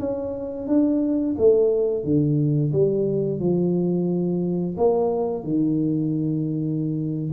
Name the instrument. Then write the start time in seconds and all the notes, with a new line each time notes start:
tuba
0.00 C#4
0.68 D4
1.38 A3
2.04 D3
2.73 G3
3.40 F3
4.78 A#3
5.44 D#3